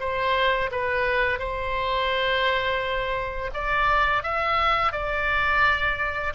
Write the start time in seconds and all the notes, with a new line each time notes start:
0.00 C5
0.72 B4
1.39 C5
3.54 D5
4.23 E5
4.93 D5